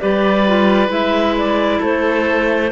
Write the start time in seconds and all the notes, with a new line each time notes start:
0.00 G3 G4 B4 D5
0.47 F4
0.88 G#3 E4 E5
1.37 D5
1.80 A3 A4 C5